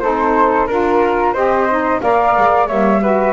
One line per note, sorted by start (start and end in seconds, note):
0.00 0.68 C4
0.00 0.68 D#4
0.00 0.67 A4
0.00 0.67 C5
0.67 1.34 D4
0.67 1.35 F4
0.67 1.33 A#4
1.33 2.01 C4
1.33 1.68 G4
1.33 2.00 C5
1.33 2.01 D#5
1.69 2.02 D#4
2.01 2.36 A#3
2.01 2.67 A#4
2.01 2.67 D5
2.01 2.67 F5
2.37 2.69 G#3
2.67 3.33 G3
2.67 3.01 A#3
2.67 3.01 C#5
2.67 3.33 E5
3.02 3.33 F#4
3.02 3.33 B4